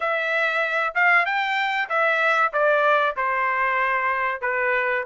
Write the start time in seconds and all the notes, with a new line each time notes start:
0.00 E5
0.94 F5
1.25 G5
1.89 E5
2.53 D5
3.16 C5
4.41 B4